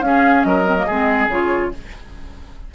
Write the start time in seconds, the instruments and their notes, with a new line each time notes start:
0.00 bassoon C#4, clarinet C#4, oboe G#4, flute F5
0.43 bassoon F#3, oboe A#4, flute D#5
0.65 clarinet C4
0.77 clarinet A#3
0.86 bassoon G#3, clarinet C4, oboe G#4
1.27 bassoon C#3, clarinet F4, flute C#5